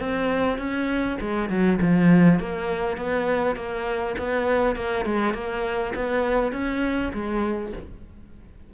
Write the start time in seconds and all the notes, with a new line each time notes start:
0.00 C4
0.58 C#4
1.21 G#3
1.49 F#3
1.81 F3
2.39 A#3
2.97 B3
3.56 A#3
4.18 B3
4.76 A#3
5.05 G#3
5.34 A#3
5.95 B3
6.52 C#4
7.13 G#3